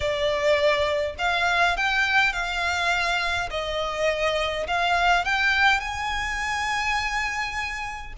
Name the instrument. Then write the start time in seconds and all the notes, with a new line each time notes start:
violin
0.00 D5
1.18 F5
1.76 G5
2.32 F5
3.50 D#5
4.67 F5
5.25 G5
5.80 G#5